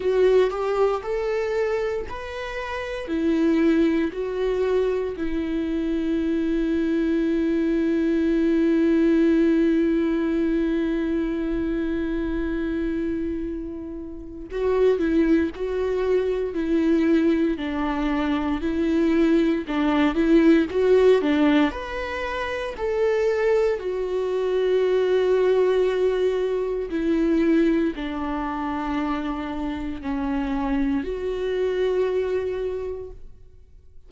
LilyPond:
\new Staff \with { instrumentName = "viola" } { \time 4/4 \tempo 4 = 58 fis'8 g'8 a'4 b'4 e'4 | fis'4 e'2.~ | e'1~ | e'2 fis'8 e'8 fis'4 |
e'4 d'4 e'4 d'8 e'8 | fis'8 d'8 b'4 a'4 fis'4~ | fis'2 e'4 d'4~ | d'4 cis'4 fis'2 | }